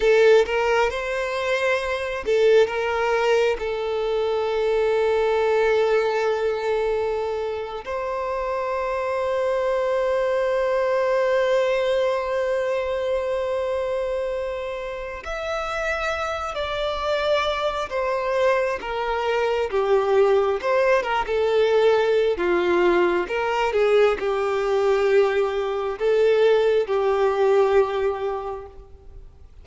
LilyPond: \new Staff \with { instrumentName = "violin" } { \time 4/4 \tempo 4 = 67 a'8 ais'8 c''4. a'8 ais'4 | a'1~ | a'8. c''2.~ c''16~ | c''1~ |
c''4 e''4. d''4. | c''4 ais'4 g'4 c''8 ais'16 a'16~ | a'4 f'4 ais'8 gis'8 g'4~ | g'4 a'4 g'2 | }